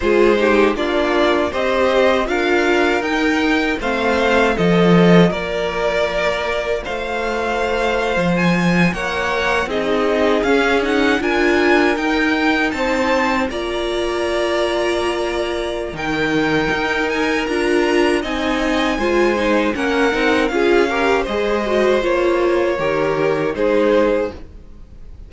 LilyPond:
<<
  \new Staff \with { instrumentName = "violin" } { \time 4/4 \tempo 4 = 79 c''4 d''4 dis''4 f''4 | g''4 f''4 dis''4 d''4~ | d''4 f''2 gis''8. fis''16~ | fis''8. dis''4 f''8 fis''8 gis''4 g''16~ |
g''8. a''4 ais''2~ ais''16~ | ais''4 g''4. gis''8 ais''4 | gis''2 fis''4 f''4 | dis''4 cis''2 c''4 | }
  \new Staff \with { instrumentName = "violin" } { \time 4/4 gis'8 g'8 f'4 c''4 ais'4~ | ais'4 c''4 a'4 ais'4~ | ais'4 c''2~ c''8. cis''16~ | cis''8. gis'2 ais'4~ ais'16~ |
ais'8. c''4 d''2~ d''16~ | d''4 ais'2. | dis''4 c''4 ais'4 gis'8 ais'8 | c''2 ais'4 gis'4 | }
  \new Staff \with { instrumentName = "viola" } { \time 4/4 f'8 dis'8 d'4 g'4 f'4 | dis'4 c'4 f'2~ | f'1~ | f'8. dis'4 cis'8 dis'8 f'4 dis'16~ |
dis'4.~ dis'16 f'2~ f'16~ | f'4 dis'2 f'4 | dis'4 f'8 dis'8 cis'8 dis'8 f'8 g'8 | gis'8 fis'8 f'4 g'4 dis'4 | }
  \new Staff \with { instrumentName = "cello" } { \time 4/4 gis4 ais4 c'4 d'4 | dis'4 a4 f4 ais4~ | ais4 a4.~ a16 f4 ais16~ | ais8. c'4 cis'4 d'4 dis'16~ |
dis'8. c'4 ais2~ ais16~ | ais4 dis4 dis'4 d'4 | c'4 gis4 ais8 c'8 cis'4 | gis4 ais4 dis4 gis4 | }
>>